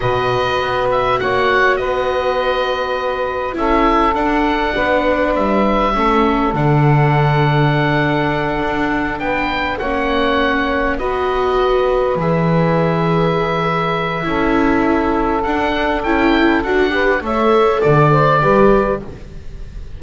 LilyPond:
<<
  \new Staff \with { instrumentName = "oboe" } { \time 4/4 \tempo 4 = 101 dis''4. e''8 fis''4 dis''4~ | dis''2 e''4 fis''4~ | fis''4 e''2 fis''4~ | fis''2.~ fis''8 g''8~ |
g''8 fis''2 dis''4.~ | dis''8 e''2.~ e''8~ | e''2 fis''4 g''4 | fis''4 e''4 d''2 | }
  \new Staff \with { instrumentName = "saxophone" } { \time 4/4 b'2 cis''4 b'4~ | b'2 a'2 | b'2 a'2~ | a'2.~ a'8 b'8~ |
b'8 cis''2 b'4.~ | b'1 | a'1~ | a'8 b'8 cis''4 d''8 c''8 b'4 | }
  \new Staff \with { instrumentName = "viola" } { \time 4/4 fis'1~ | fis'2 e'4 d'4~ | d'2 cis'4 d'4~ | d'1~ |
d'8 cis'2 fis'4.~ | fis'8 gis'2.~ gis'8 | e'2 d'4 e'4 | fis'8 g'8 a'2 g'4 | }
  \new Staff \with { instrumentName = "double bass" } { \time 4/4 b,4 b4 ais4 b4~ | b2 cis'4 d'4 | b4 g4 a4 d4~ | d2~ d8 d'4 b8~ |
b8 ais2 b4.~ | b8 e2.~ e8 | cis'2 d'4 cis'4 | d'4 a4 d4 g4 | }
>>